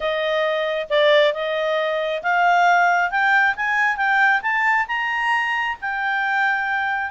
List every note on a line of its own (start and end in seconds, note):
0.00 0.87 D#5
0.89 1.33 D5
1.33 2.22 D#5
2.22 3.10 F5
3.10 3.55 G5
3.56 3.97 G#5
3.97 4.41 G5
4.42 4.86 A5
4.87 5.76 A#5
5.81 7.10 G5